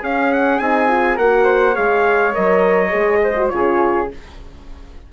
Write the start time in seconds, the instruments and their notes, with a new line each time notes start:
0.00 bassoon C#4, horn C#4, flute G#4, trumpet F5
0.33 trumpet F#5
0.59 bassoon C4, horn D#4, trumpet G#5
0.88 horn F4
1.16 bassoon A#3, horn F#4, flute A#4, trumpet F#5
1.45 flute C5
1.74 bassoon G#3, horn G#4, flute C#5, trumpet F5
2.33 bassoon F#3, horn A#4, trumpet D#5
2.90 bassoon G#3, horn G#4
3.24 flute C5
3.36 horn F#4
3.49 bassoon C#3, horn F4, flute G#4, trumpet C#5